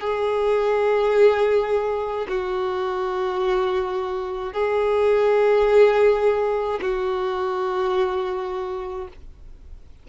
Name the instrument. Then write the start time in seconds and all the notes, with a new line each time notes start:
violin
0.00 G#4
2.28 F#4
4.53 G#4
6.81 F#4